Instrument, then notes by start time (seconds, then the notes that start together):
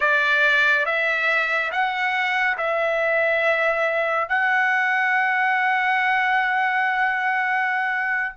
trumpet
0.00 D5
0.85 E5
1.71 F#5
2.57 E5
4.28 F#5